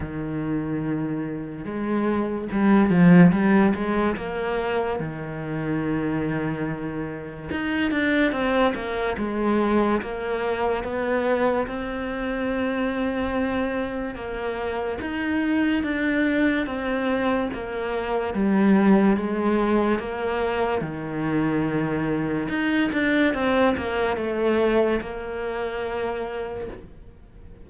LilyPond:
\new Staff \with { instrumentName = "cello" } { \time 4/4 \tempo 4 = 72 dis2 gis4 g8 f8 | g8 gis8 ais4 dis2~ | dis4 dis'8 d'8 c'8 ais8 gis4 | ais4 b4 c'2~ |
c'4 ais4 dis'4 d'4 | c'4 ais4 g4 gis4 | ais4 dis2 dis'8 d'8 | c'8 ais8 a4 ais2 | }